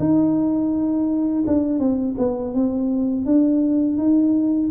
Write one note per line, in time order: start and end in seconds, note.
0.00 1.45 D#4
1.47 1.79 D4
1.79 2.16 C4
2.18 2.54 B3
2.54 3.26 C4
3.26 3.98 D4
3.98 4.70 D#4